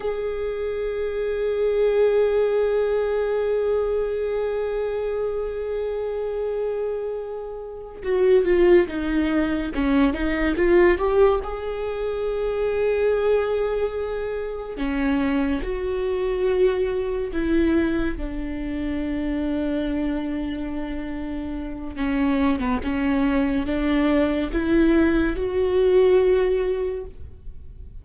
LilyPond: \new Staff \with { instrumentName = "viola" } { \time 4/4 \tempo 4 = 71 gis'1~ | gis'1~ | gis'4. fis'8 f'8 dis'4 cis'8 | dis'8 f'8 g'8 gis'2~ gis'8~ |
gis'4. cis'4 fis'4.~ | fis'8 e'4 d'2~ d'8~ | d'2 cis'8. b16 cis'4 | d'4 e'4 fis'2 | }